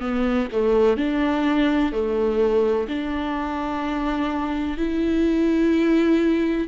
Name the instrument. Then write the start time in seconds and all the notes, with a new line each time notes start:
viola
0.00 B3
0.52 A3
0.97 D4
1.92 A3
2.88 D4
4.77 E4